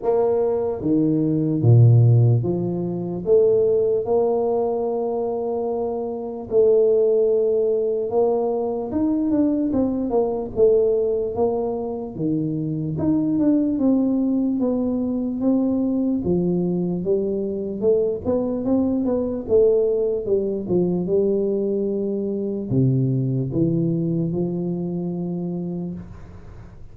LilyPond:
\new Staff \with { instrumentName = "tuba" } { \time 4/4 \tempo 4 = 74 ais4 dis4 ais,4 f4 | a4 ais2. | a2 ais4 dis'8 d'8 | c'8 ais8 a4 ais4 dis4 |
dis'8 d'8 c'4 b4 c'4 | f4 g4 a8 b8 c'8 b8 | a4 g8 f8 g2 | c4 e4 f2 | }